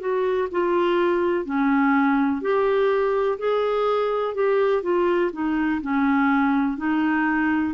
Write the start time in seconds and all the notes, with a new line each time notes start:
0.00 F#4
0.52 F4
1.46 C#4
2.42 G4
3.39 G#4
4.35 G4
4.83 F4
5.33 D#4
5.82 C#4
6.78 D#4